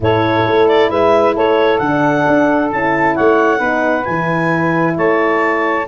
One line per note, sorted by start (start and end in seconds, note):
0.00 0.45 A2
0.00 1.82 E4
0.00 0.90 A4
0.00 0.68 C#5
0.45 0.90 A3
0.68 0.90 D5
0.90 1.35 G#3
0.90 1.34 B4
0.90 1.35 E5
1.34 1.80 A3
1.34 3.15 A4
1.34 1.78 C#5
1.78 2.25 D3
1.78 2.72 D4
1.78 2.68 F#5
2.27 2.72 D4
2.72 3.17 C#4
2.72 3.58 E4
2.72 3.15 A5
3.15 3.59 A3
3.15 3.58 C#5
3.15 4.05 F#5
3.58 4.05 B3
3.58 4.03 D#4
3.58 4.93 B4
4.05 4.97 E3
4.05 5.86 E4
4.05 4.95 G#5
4.97 5.87 A3
4.97 5.87 C#5
4.97 5.87 A5